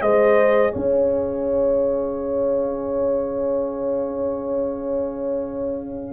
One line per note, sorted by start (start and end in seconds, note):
0.00 0.74 G#3
0.00 6.13 G#4
0.00 0.73 C5
0.00 0.74 D#5
0.73 6.13 C#4
0.73 6.13 C#5
0.73 6.13 F5